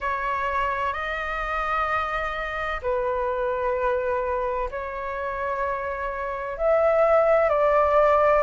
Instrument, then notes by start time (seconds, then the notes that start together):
flute
0.00 C#5
0.93 D#5
2.81 B4
4.70 C#5
6.57 E5
7.49 D5